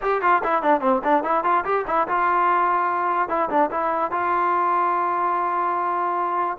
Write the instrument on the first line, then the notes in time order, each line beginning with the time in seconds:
trombone
0.01 G4
0.21 F4
0.43 E4
0.62 D4
0.81 C4
1.03 D4
1.23 E4
1.43 F4
1.64 G4
1.87 E4
2.08 F4
3.28 E4
3.49 D4
3.70 E4
4.11 F4